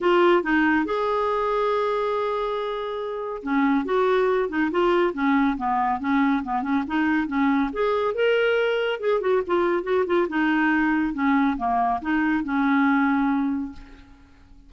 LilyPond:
\new Staff \with { instrumentName = "clarinet" } { \time 4/4 \tempo 4 = 140 f'4 dis'4 gis'2~ | gis'1 | cis'4 fis'4. dis'8 f'4 | cis'4 b4 cis'4 b8 cis'8 |
dis'4 cis'4 gis'4 ais'4~ | ais'4 gis'8 fis'8 f'4 fis'8 f'8 | dis'2 cis'4 ais4 | dis'4 cis'2. | }